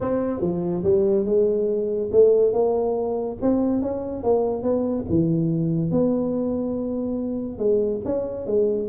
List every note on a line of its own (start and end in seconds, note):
0.01 0.41 C4
0.41 0.83 F3
0.83 1.25 G3
1.25 2.09 G#3
2.12 2.52 A3
2.52 3.37 A#3
3.41 3.82 C4
3.82 4.23 C#4
4.23 4.62 A#3
4.62 5.05 B3
5.09 5.91 E3
5.91 7.58 B3
7.58 8.00 G#3
8.05 8.46 C#4
8.46 8.88 G#3